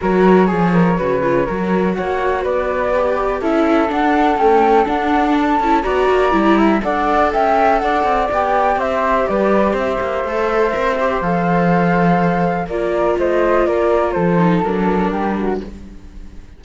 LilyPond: <<
  \new Staff \with { instrumentName = "flute" } { \time 4/4 \tempo 4 = 123 cis''1 | fis''4 d''2 e''4 | fis''4 g''4 fis''4 a''4 | ais''2 fis''4 g''4 |
fis''4 g''4 e''4 d''4 | e''2. f''4~ | f''2 d''4 dis''4 | d''4 c''4 ais'2 | }
  \new Staff \with { instrumentName = "flute" } { \time 4/4 ais'4 gis'8 ais'8 b'4 ais'4 | cis''4 b'2 a'4~ | a'1 | d''4. e''8 d''4 e''4 |
d''2 c''4 b'4 | c''1~ | c''2 ais'4 c''4 | ais'4 a'2 g'8 fis'8 | }
  \new Staff \with { instrumentName = "viola" } { \time 4/4 fis'4 gis'4 fis'8 f'8 fis'4~ | fis'2 g'4 e'4 | d'4 a4 d'4. e'8 | fis'4 e'4 a'2~ |
a'4 g'2.~ | g'4 a'4 ais'8 g'8 a'4~ | a'2 f'2~ | f'4. dis'8 d'2 | }
  \new Staff \with { instrumentName = "cello" } { \time 4/4 fis4 f4 cis4 fis4 | ais4 b2 cis'4 | d'4 cis'4 d'4. cis'8 | b8 ais8 g4 d'4 cis'4 |
d'8 c'8 b4 c'4 g4 | c'8 ais8 a4 c'4 f4~ | f2 ais4 a4 | ais4 f4 fis4 g4 | }
>>